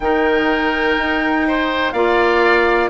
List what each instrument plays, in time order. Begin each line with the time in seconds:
0.00 bassoon D#3, clarinet D#4, oboe A#4, flute G5
0.97 bassoon D#4
1.47 oboe C5
1.92 bassoon A#3, clarinet F4, oboe D5, flute F5